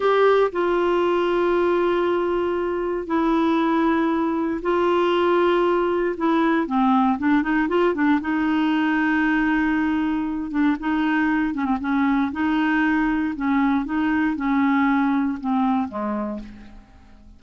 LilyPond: \new Staff \with { instrumentName = "clarinet" } { \time 4/4 \tempo 4 = 117 g'4 f'2.~ | f'2 e'2~ | e'4 f'2. | e'4 c'4 d'8 dis'8 f'8 d'8 |
dis'1~ | dis'8 d'8 dis'4. cis'16 c'16 cis'4 | dis'2 cis'4 dis'4 | cis'2 c'4 gis4 | }